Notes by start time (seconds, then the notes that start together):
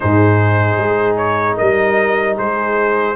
0.00 G#2 D#4 G#4 C5
0.77 G#3
1.16 C#5
1.56 G3 A#4 D#5
2.37 G#3 G#4 C5